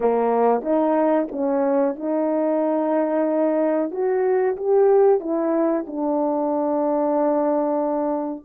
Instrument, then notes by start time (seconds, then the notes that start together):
horn
0.00 A#3
0.62 D#4
1.31 C#4
1.95 D#4
3.90 F#4
4.56 G4
5.20 E4
5.86 D4